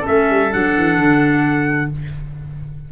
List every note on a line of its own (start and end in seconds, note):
0.00 0.50 C#4
0.00 1.86 A4
0.06 0.30 A3
0.06 0.52 E5
0.30 0.53 G3
0.52 0.77 F#3
0.52 1.91 D4
0.52 1.92 F#5
0.77 0.97 E3
0.97 1.90 D3